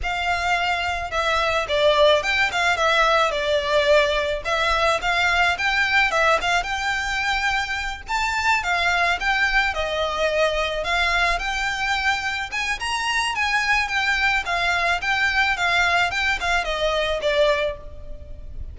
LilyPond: \new Staff \with { instrumentName = "violin" } { \time 4/4 \tempo 4 = 108 f''2 e''4 d''4 | g''8 f''8 e''4 d''2 | e''4 f''4 g''4 e''8 f''8 | g''2~ g''8 a''4 f''8~ |
f''8 g''4 dis''2 f''8~ | f''8 g''2 gis''8 ais''4 | gis''4 g''4 f''4 g''4 | f''4 g''8 f''8 dis''4 d''4 | }